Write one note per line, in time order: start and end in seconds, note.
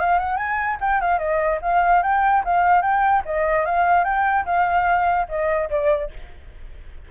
0.00 0.19 F5
0.19 0.37 F#5
0.37 0.78 G#5
0.81 1.01 G5
1.01 1.19 F5
1.19 1.60 D#5
1.62 2.03 F5
2.03 2.44 G5
2.45 2.82 F5
2.82 3.23 G5
3.26 3.66 D#5
3.66 4.04 F5
4.04 4.45 G5
4.46 5.27 F5
5.29 5.70 D#5
5.70 6.11 D5